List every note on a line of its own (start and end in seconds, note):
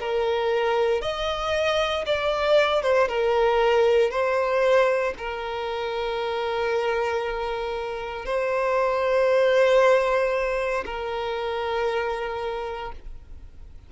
0.00 1.02 A#4
1.02 2.05 D#5
2.06 2.83 D5
2.83 3.08 C5
3.08 4.11 A#4
4.11 5.14 C5
5.18 8.26 A#4
8.26 10.85 C5
10.86 12.93 A#4